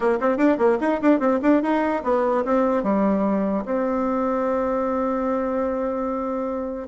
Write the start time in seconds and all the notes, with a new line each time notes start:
0.00 A#3
0.20 C4
0.37 D4
0.57 A#3
0.80 D#4
1.01 D4
1.19 C4
1.42 D4
1.62 D#4
2.03 B3
2.44 C4
2.83 G3
3.65 C4